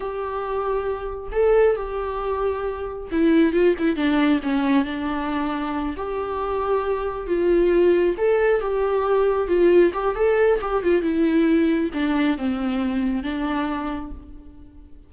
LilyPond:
\new Staff \with { instrumentName = "viola" } { \time 4/4 \tempo 4 = 136 g'2. a'4 | g'2. e'4 | f'8 e'8 d'4 cis'4 d'4~ | d'4. g'2~ g'8~ |
g'8 f'2 a'4 g'8~ | g'4. f'4 g'8 a'4 | g'8 f'8 e'2 d'4 | c'2 d'2 | }